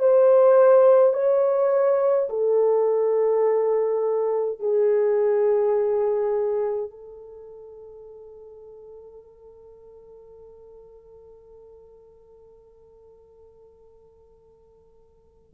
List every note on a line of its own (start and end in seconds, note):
0.00 1.14 C5
1.14 2.29 C#5
2.30 4.60 A4
4.60 6.91 G#4
6.91 15.54 A4